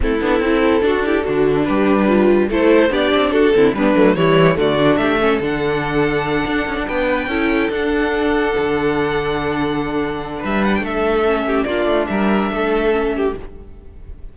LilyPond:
<<
  \new Staff \with { instrumentName = "violin" } { \time 4/4 \tempo 4 = 144 a'1 | b'2 c''4 d''4 | a'4 b'4 cis''4 d''4 | e''4 fis''2.~ |
fis''8 g''2 fis''4.~ | fis''1~ | fis''4 e''8 fis''16 g''16 e''2 | d''4 e''2. | }
  \new Staff \with { instrumentName = "violin" } { \time 4/4 e'2 fis'8 g'8 d'4~ | d'2 a'4 g'4 | fis'8 e'8 d'4 e'4 fis'4 | g'8 a'2.~ a'8~ |
a'8 b'4 a'2~ a'8~ | a'1~ | a'4 b'4 a'4. g'8 | f'4 ais'4 a'4. g'8 | }
  \new Staff \with { instrumentName = "viola" } { \time 4/4 c'8 d'8 e'4 d'8 e'8 fis'4 | g'4 f'4 e'4 d'4~ | d'8 c'8 b8 a8 g4 a8 d'8~ | d'8 cis'8 d'2.~ |
d'4. e'4 d'4.~ | d'1~ | d'2. cis'4 | d'2. cis'4 | }
  \new Staff \with { instrumentName = "cello" } { \time 4/4 a8 b8 c'4 d'4 d4 | g2 a4 b8 c'8 | d'8 d8 g8 fis8 e4 d4 | a4 d2~ d8 d'8 |
cis'16 d'16 b4 cis'4 d'4.~ | d'8 d2.~ d8~ | d4 g4 a2 | ais8 a8 g4 a2 | }
>>